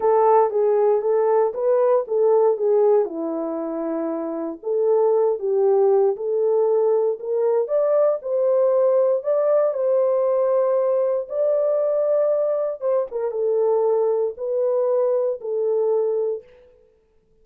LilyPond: \new Staff \with { instrumentName = "horn" } { \time 4/4 \tempo 4 = 117 a'4 gis'4 a'4 b'4 | a'4 gis'4 e'2~ | e'4 a'4. g'4. | a'2 ais'4 d''4 |
c''2 d''4 c''4~ | c''2 d''2~ | d''4 c''8 ais'8 a'2 | b'2 a'2 | }